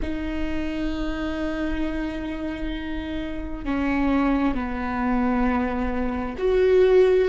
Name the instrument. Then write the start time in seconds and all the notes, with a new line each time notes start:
viola
0.02 D#4
3.64 C#4
4.55 B3
6.38 F#4